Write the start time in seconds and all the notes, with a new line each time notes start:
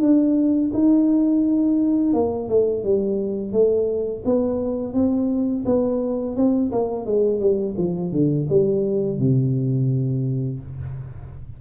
0.00 D4
0.73 D#4
2.13 A#3
2.48 A3
2.83 G3
3.52 A3
4.24 B3
4.93 C4
5.65 B3
6.36 C4
6.71 A#3
7.05 G#3
7.39 G3
7.77 F3
8.11 D3
8.49 G3
9.18 C3